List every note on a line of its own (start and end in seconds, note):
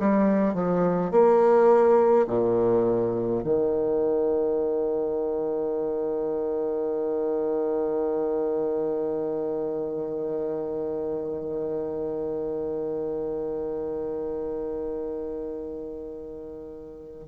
0.00 0.55 G3
0.55 1.12 F3
1.12 2.27 A#3
2.28 3.43 A#2
3.44 17.28 D#3